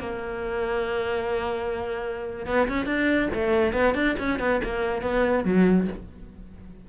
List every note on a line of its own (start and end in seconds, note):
0.00 2.46 A#3
2.46 2.68 B3
2.68 2.86 C#4
2.86 3.29 D4
3.34 3.73 A3
3.73 3.95 B3
3.95 4.16 D4
4.19 4.40 C#4
4.40 4.61 B3
4.64 5.02 A#3
5.02 5.45 B3
5.45 5.88 F#3